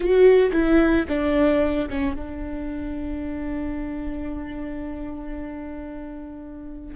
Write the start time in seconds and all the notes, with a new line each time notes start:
0.00 F#4
0.52 E4
1.08 D4
1.89 C#4
2.15 D4